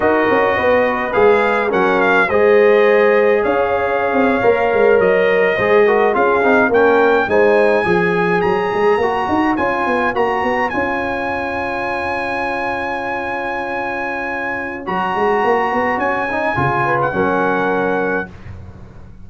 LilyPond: <<
  \new Staff \with { instrumentName = "trumpet" } { \time 4/4 \tempo 4 = 105 dis''2 f''4 fis''8 f''8 | dis''2 f''2~ | f''8. dis''2 f''4 g''16~ | g''8. gis''2 ais''4~ ais''16~ |
ais''8. gis''4 ais''4 gis''4~ gis''16~ | gis''1~ | gis''2 ais''2 | gis''4.~ gis''16 fis''2~ fis''16 | }
  \new Staff \with { instrumentName = "horn" } { \time 4/4 ais'4 b'2 ais'4 | c''2 cis''2~ | cis''4.~ cis''16 c''8 ais'8 gis'4 ais'16~ | ais'8. c''4 cis''2~ cis''16~ |
cis''1~ | cis''1~ | cis''1~ | cis''4. b'8 ais'2 | }
  \new Staff \with { instrumentName = "trombone" } { \time 4/4 fis'2 gis'4 cis'4 | gis'2.~ gis'8. ais'16~ | ais'4.~ ais'16 gis'8 fis'8 f'8 dis'8 cis'16~ | cis'8. dis'4 gis'2 fis'16~ |
fis'8. f'4 fis'4 f'4~ f'16~ | f'1~ | f'2 fis'2~ | fis'8 dis'8 f'4 cis'2 | }
  \new Staff \with { instrumentName = "tuba" } { \time 4/4 dis'8 cis'8 b4 gis4 fis4 | gis2 cis'4~ cis'16 c'8 ais16~ | ais16 gis8 fis4 gis4 cis'8 c'8 ais16~ | ais8. gis4 f4 fis8 gis8 ais16~ |
ais16 dis'8 cis'8 b8 ais8 b8 cis'4~ cis'16~ | cis'1~ | cis'2 fis8 gis8 ais8 b8 | cis'4 cis4 fis2 | }
>>